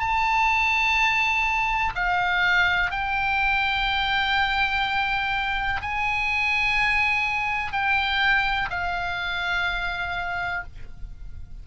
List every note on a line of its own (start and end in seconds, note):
0.00 1.94 A5
1.95 2.91 F5
2.91 5.82 G5
5.82 7.72 G#5
7.72 8.69 G5
8.70 10.64 F5